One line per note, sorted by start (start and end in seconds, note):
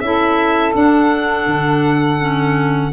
0.00 0.73 C#4
0.00 0.74 E4
0.00 2.92 A4
0.00 0.72 E5
0.74 2.19 D4
0.74 1.47 D4
0.74 2.92 F#5
1.47 2.91 D3
2.19 2.92 C#4